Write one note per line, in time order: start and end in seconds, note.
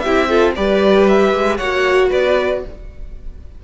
0.00 0.29 G4
0.00 0.52 E5
0.06 0.57 C4
0.06 0.30 E4
0.29 0.55 F4
0.29 0.55 A4
0.56 1.34 G3
0.56 1.60 G4
0.56 1.57 B4
0.56 1.08 D5
1.09 1.58 E5
1.34 1.60 G#3
1.57 2.12 A#3
1.57 2.65 F#4
1.57 2.09 C#5
1.57 2.09 F#5
2.09 2.64 B3
2.09 2.61 B4
2.09 2.64 D5